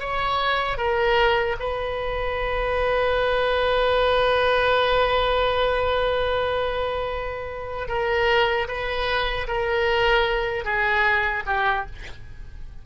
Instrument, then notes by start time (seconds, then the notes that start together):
oboe
0.00 C#5
0.78 A#4
1.59 B4
7.88 A#4
8.68 B4
9.47 A#4
10.65 G#4
11.47 G4